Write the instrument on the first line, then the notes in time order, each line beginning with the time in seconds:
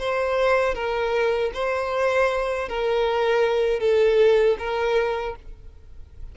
violin
0.00 C5
0.75 A#4
1.54 C5
2.69 A#4
3.80 A4
4.59 A#4